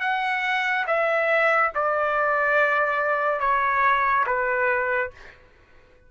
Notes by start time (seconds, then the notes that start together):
0.00 F#5
0.86 E5
1.74 D5
3.40 C#5
4.26 B4